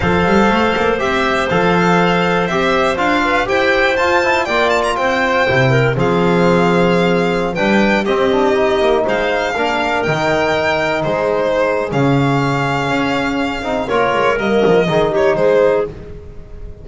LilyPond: <<
  \new Staff \with { instrumentName = "violin" } { \time 4/4 \tempo 4 = 121 f''2 e''4 f''4~ | f''4 e''4 f''4 g''4 | a''4 g''8 a''16 ais''16 g''2 | f''2.~ f''16 g''8.~ |
g''16 dis''2 f''4.~ f''16~ | f''16 g''2 c''4.~ c''16 | f''1 | cis''4 dis''4. cis''8 c''4 | }
  \new Staff \with { instrumentName = "clarinet" } { \time 4/4 c''1~ | c''2~ c''8 b'8 c''4~ | c''4 d''4 c''4. ais'8 | gis'2.~ gis'16 b'8.~ |
b'16 g'2 c''4 ais'8.~ | ais'2~ ais'16 gis'4.~ gis'16~ | gis'1 | ais'2 gis'8 g'8 gis'4 | }
  \new Staff \with { instrumentName = "trombone" } { \time 4/4 a'2 g'4 a'4~ | a'4 g'4 f'4 g'4 | f'8 e'8 f'2 e'4 | c'2.~ c'16 d'8.~ |
d'16 c'8 d'8 dis'2 d'8.~ | d'16 dis'2.~ dis'8. | cis'2.~ cis'8 dis'8 | f'4 ais4 dis'2 | }
  \new Staff \with { instrumentName = "double bass" } { \time 4/4 f8 g8 a8 ais8 c'4 f4~ | f4 c'4 d'4 e'4 | f'4 ais4 c'4 c4 | f2.~ f16 g8.~ |
g16 c'4. ais8 gis4 ais8.~ | ais16 dis2 gis4.~ gis16 | cis2 cis'4. c'8 | ais8 gis8 g8 f8 dis4 gis4 | }
>>